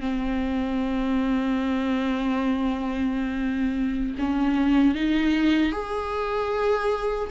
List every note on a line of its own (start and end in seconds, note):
0.00 4.14 C4
4.18 4.94 C#4
4.94 5.72 D#4
5.72 7.30 G#4